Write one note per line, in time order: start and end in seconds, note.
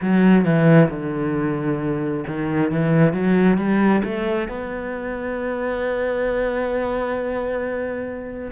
0.01 0.44 F#3
0.44 0.89 E3
0.90 2.24 D3
2.27 2.71 D#3
2.71 3.13 E3
3.13 3.57 F#3
3.57 4.02 G3
4.04 4.48 A3
4.48 8.51 B3